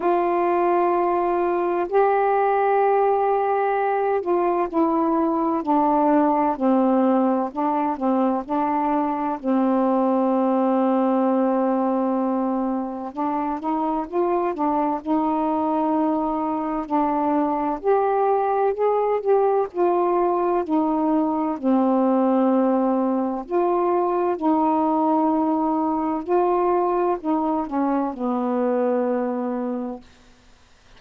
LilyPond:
\new Staff \with { instrumentName = "saxophone" } { \time 4/4 \tempo 4 = 64 f'2 g'2~ | g'8 f'8 e'4 d'4 c'4 | d'8 c'8 d'4 c'2~ | c'2 d'8 dis'8 f'8 d'8 |
dis'2 d'4 g'4 | gis'8 g'8 f'4 dis'4 c'4~ | c'4 f'4 dis'2 | f'4 dis'8 cis'8 b2 | }